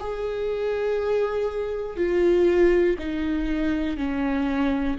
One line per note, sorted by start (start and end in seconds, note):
0.00 1.97 G#4
1.97 2.97 F4
2.99 3.97 D#4
3.97 4.97 C#4